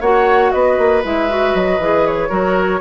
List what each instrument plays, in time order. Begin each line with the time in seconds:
0.00 bassoon A#3, clarinet F#4, oboe C#5, flute F#5
0.51 bassoon B3, oboe B4, flute D#5
0.77 bassoon A#3
1.03 bassoon G#3, clarinet E4, flute E5
1.28 clarinet F#4
1.54 bassoon F#3, flute D#5
1.78 bassoon E3, clarinet G#4
2.06 flute C#5
2.28 bassoon F#3, clarinet F#4, oboe A#4